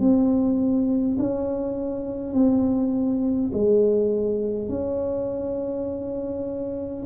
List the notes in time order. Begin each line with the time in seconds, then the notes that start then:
0.00 C4
1.19 C#4
2.34 C4
3.53 G#3
4.69 C#4